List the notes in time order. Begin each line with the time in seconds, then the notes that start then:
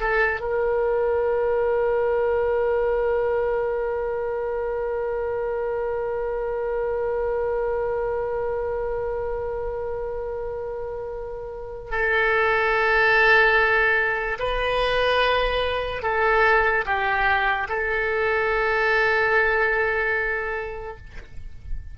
0.00 A4
0.40 A#4
11.91 A4
14.39 B4
16.03 A4
16.86 G4
17.69 A4